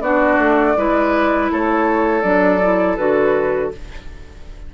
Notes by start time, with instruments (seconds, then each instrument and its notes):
0.00 bassoon B3, clarinet D4, oboe F#4, flute D5
0.38 bassoon A3
0.76 bassoon G#3, clarinet E4, oboe B4
1.51 bassoon A3, oboe A4, flute C#5
2.21 bassoon F#3, clarinet D4, flute D5
2.62 clarinet E4
2.96 bassoon D3, clarinet F#4, flute B4